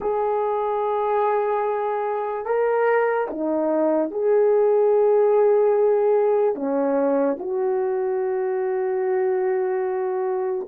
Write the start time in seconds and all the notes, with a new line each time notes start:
0.00 G#4
2.45 A#4
3.30 D#4
4.11 G#4
6.55 C#4
7.39 F#4